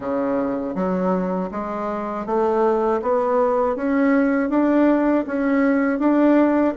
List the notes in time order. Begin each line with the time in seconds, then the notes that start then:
0.00 C#3
0.75 F#3
1.51 G#3
2.25 A3
3.02 B3
3.75 C#4
4.49 D4
5.26 C#4
5.99 D4